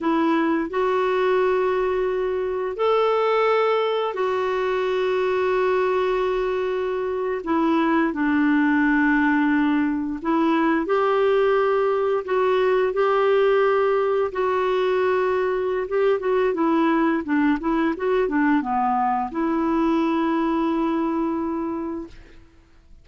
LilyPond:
\new Staff \with { instrumentName = "clarinet" } { \time 4/4 \tempo 4 = 87 e'4 fis'2. | a'2 fis'2~ | fis'2~ fis'8. e'4 d'16~ | d'2~ d'8. e'4 g'16~ |
g'4.~ g'16 fis'4 g'4~ g'16~ | g'8. fis'2~ fis'16 g'8 fis'8 | e'4 d'8 e'8 fis'8 d'8 b4 | e'1 | }